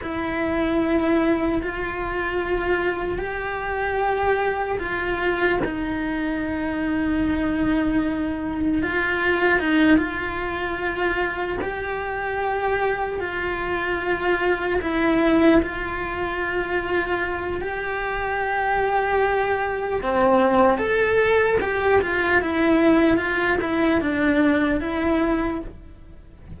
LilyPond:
\new Staff \with { instrumentName = "cello" } { \time 4/4 \tempo 4 = 75 e'2 f'2 | g'2 f'4 dis'4~ | dis'2. f'4 | dis'8 f'2 g'4.~ |
g'8 f'2 e'4 f'8~ | f'2 g'2~ | g'4 c'4 a'4 g'8 f'8 | e'4 f'8 e'8 d'4 e'4 | }